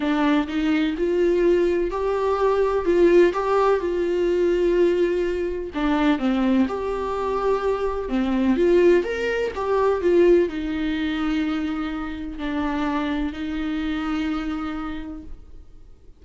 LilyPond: \new Staff \with { instrumentName = "viola" } { \time 4/4 \tempo 4 = 126 d'4 dis'4 f'2 | g'2 f'4 g'4 | f'1 | d'4 c'4 g'2~ |
g'4 c'4 f'4 ais'4 | g'4 f'4 dis'2~ | dis'2 d'2 | dis'1 | }